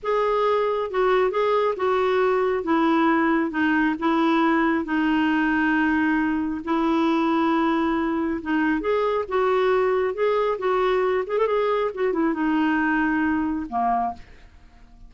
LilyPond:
\new Staff \with { instrumentName = "clarinet" } { \time 4/4 \tempo 4 = 136 gis'2 fis'4 gis'4 | fis'2 e'2 | dis'4 e'2 dis'4~ | dis'2. e'4~ |
e'2. dis'4 | gis'4 fis'2 gis'4 | fis'4. gis'16 a'16 gis'4 fis'8 e'8 | dis'2. ais4 | }